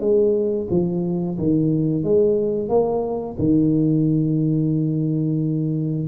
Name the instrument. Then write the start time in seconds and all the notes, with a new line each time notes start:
tuba
0.00 G#3
0.70 F3
1.38 D#3
2.04 G#3
2.69 A#3
3.39 D#3